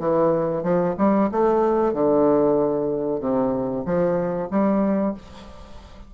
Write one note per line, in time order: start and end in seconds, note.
0.00 0.63 E3
0.63 0.95 F3
0.98 1.30 G3
1.32 1.94 A3
1.94 3.21 D3
3.21 3.84 C3
3.86 4.49 F3
4.51 5.15 G3